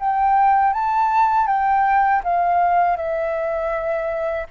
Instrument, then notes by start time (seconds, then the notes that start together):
flute
0.00 G5
0.74 A5
1.47 G5
2.24 F5
2.97 E5